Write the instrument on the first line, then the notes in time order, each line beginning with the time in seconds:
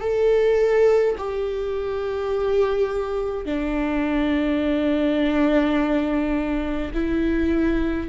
viola
0.00 A4
1.17 G4
3.45 D4
6.93 E4